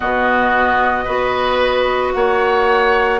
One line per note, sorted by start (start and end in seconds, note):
0.00 1.07 B2
0.00 1.05 B3
0.00 1.04 F#4
0.00 2.13 D#5
1.04 2.14 B3
1.04 3.19 F#4
1.04 2.12 B4
2.13 3.19 A#3
2.13 3.19 C#5
2.13 3.19 F#5